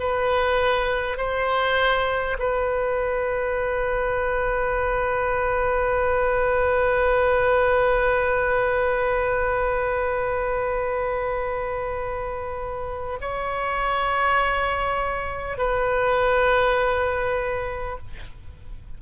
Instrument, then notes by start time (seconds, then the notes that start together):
oboe
0.00 B4
1.18 C5
2.39 B4
13.21 C#5
15.58 B4